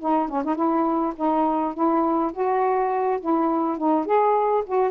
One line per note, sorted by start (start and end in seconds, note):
0.00 0.29 D#4
0.29 0.43 C#4
0.45 0.56 D#4
0.56 1.14 E4
1.16 1.74 D#4
1.74 2.32 E4
2.33 3.20 F#4
3.20 3.78 E4
3.78 4.06 D#4
4.06 4.64 G#4
4.66 4.91 F#4